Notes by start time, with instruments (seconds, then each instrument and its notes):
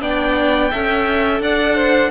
0.00 cello B3, viola D4, violin D5 G5
0.71 cello C#4, viola A4, violin E5
1.40 cello D4, violin D5 F#5
1.75 violin C5